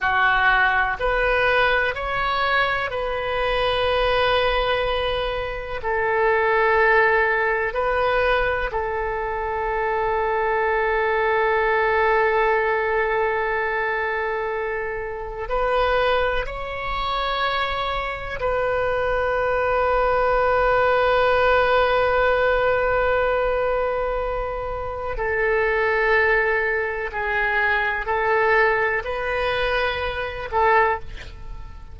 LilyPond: \new Staff \with { instrumentName = "oboe" } { \time 4/4 \tempo 4 = 62 fis'4 b'4 cis''4 b'4~ | b'2 a'2 | b'4 a'2.~ | a'1 |
b'4 cis''2 b'4~ | b'1~ | b'2 a'2 | gis'4 a'4 b'4. a'8 | }